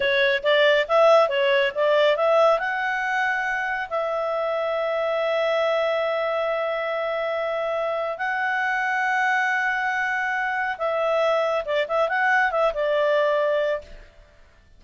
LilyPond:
\new Staff \with { instrumentName = "clarinet" } { \time 4/4 \tempo 4 = 139 cis''4 d''4 e''4 cis''4 | d''4 e''4 fis''2~ | fis''4 e''2.~ | e''1~ |
e''2. fis''4~ | fis''1~ | fis''4 e''2 d''8 e''8 | fis''4 e''8 d''2~ d''8 | }